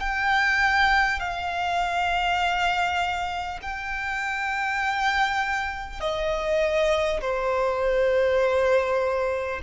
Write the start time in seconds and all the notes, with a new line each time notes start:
0.00 G5
1.19 F5
3.62 G5
6.00 D#5
7.20 C5